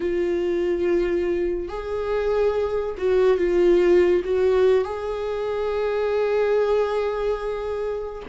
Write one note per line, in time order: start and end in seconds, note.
0.00 1.68 F4
1.68 2.95 G#4
2.97 3.37 F#4
3.37 4.22 F4
4.24 4.84 F#4
4.84 8.22 G#4